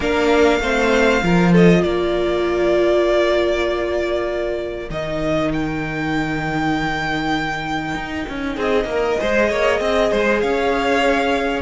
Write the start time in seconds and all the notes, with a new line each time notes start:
0.00 A#3 D4 A#4 F5
0.60 A3 C4 C5
1.22 F3 F4 A#4
1.53 A4 D#5
1.83 A#3 A#4 D5
4.89 D#3 D#4 D#5
5.53 G5
7.94 D#4
8.28 C#4
8.55 C4 G#4 D#5
8.84 A#3
8.90 A#4
9.18 G#3 G#4 C5
9.49 A#3 C#5
9.80 C4 D#5
10.11 G#3 C5
10.39 C#4 C#5 F5